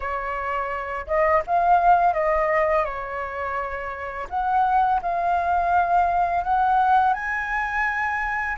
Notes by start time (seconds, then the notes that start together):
0.00 C#5
1.06 D#5
1.46 F5
2.13 D#5
2.84 C#5
4.29 F#5
5.02 F5
6.44 F#5
7.13 G#5